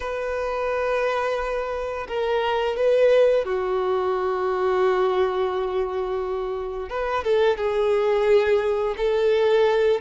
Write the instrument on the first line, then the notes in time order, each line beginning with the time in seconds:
violin
0.00 B4
2.08 A#4
2.76 B4
3.44 F#4
6.89 B4
7.24 A4
7.57 G#4
8.97 A4